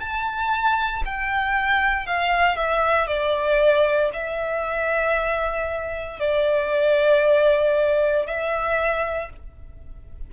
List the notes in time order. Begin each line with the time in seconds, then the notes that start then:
0.00 A5
1.05 G5
2.07 F5
2.57 E5
3.08 D5
4.14 E5
6.20 D5
8.27 E5